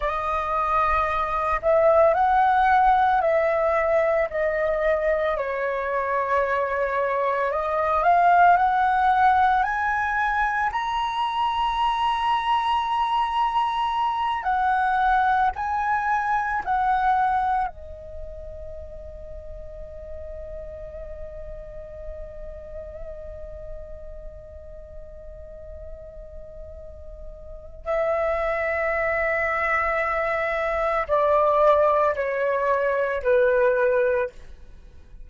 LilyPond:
\new Staff \with { instrumentName = "flute" } { \time 4/4 \tempo 4 = 56 dis''4. e''8 fis''4 e''4 | dis''4 cis''2 dis''8 f''8 | fis''4 gis''4 ais''2~ | ais''4. fis''4 gis''4 fis''8~ |
fis''8 dis''2.~ dis''8~ | dis''1~ | dis''2 e''2~ | e''4 d''4 cis''4 b'4 | }